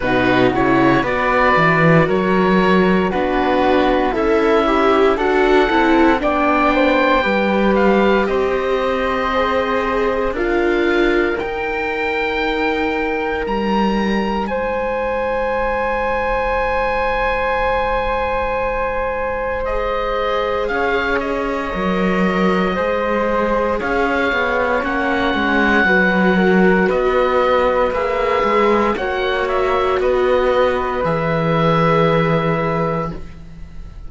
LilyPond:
<<
  \new Staff \with { instrumentName = "oboe" } { \time 4/4 \tempo 4 = 58 b'8 cis''8 d''4 cis''4 b'4 | e''4 fis''4 g''4. f''8 | dis''2 f''4 g''4~ | g''4 ais''4 gis''2~ |
gis''2. dis''4 | f''8 dis''2~ dis''8 f''4 | fis''2 dis''4 e''4 | fis''8 e''8 dis''4 e''2 | }
  \new Staff \with { instrumentName = "flute" } { \time 4/4 fis'4 b'4 ais'4 fis'4 | e'4 a'4 d''8 c''8 b'4 | c''2 ais'2~ | ais'2 c''2~ |
c''1 | cis''2 c''4 cis''4~ | cis''4 b'8 ais'8 b'2 | cis''4 b'2. | }
  \new Staff \with { instrumentName = "viola" } { \time 4/4 dis'8 e'8 fis'2 d'4 | a'8 g'8 fis'8 e'8 d'4 g'4~ | g'4 gis'4 f'4 dis'4~ | dis'1~ |
dis'2. gis'4~ | gis'4 ais'4 gis'2 | cis'4 fis'2 gis'4 | fis'2 gis'2 | }
  \new Staff \with { instrumentName = "cello" } { \time 4/4 b,8 cis8 b8 e8 fis4 b4 | cis'4 d'8 c'8 b4 g4 | c'2 d'4 dis'4~ | dis'4 g4 gis2~ |
gis1 | cis'4 fis4 gis4 cis'8 b8 | ais8 gis8 fis4 b4 ais8 gis8 | ais4 b4 e2 | }
>>